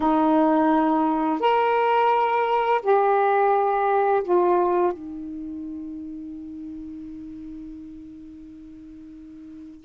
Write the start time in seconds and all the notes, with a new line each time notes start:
0.00 D#4
1.40 A#4
2.82 G4
4.23 F4
4.92 D#4